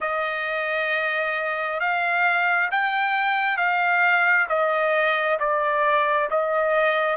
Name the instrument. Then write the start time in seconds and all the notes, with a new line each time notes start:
trumpet
0.00 D#5
1.80 F5
2.71 G5
3.57 F5
4.49 D#5
5.39 D5
6.30 D#5